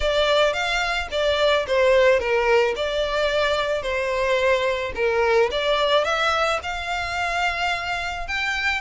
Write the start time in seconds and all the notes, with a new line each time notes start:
0.00 D5
0.53 F5
1.11 D5
1.67 C5
2.19 A#4
2.75 D5
3.82 C5
4.95 A#4
5.51 D5
6.04 E5
6.63 F5
8.27 G5